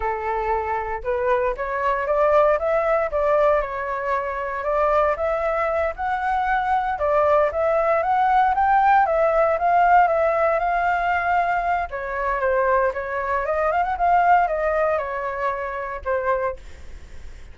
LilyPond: \new Staff \with { instrumentName = "flute" } { \time 4/4 \tempo 4 = 116 a'2 b'4 cis''4 | d''4 e''4 d''4 cis''4~ | cis''4 d''4 e''4. fis''8~ | fis''4. d''4 e''4 fis''8~ |
fis''8 g''4 e''4 f''4 e''8~ | e''8 f''2~ f''8 cis''4 | c''4 cis''4 dis''8 f''16 fis''16 f''4 | dis''4 cis''2 c''4 | }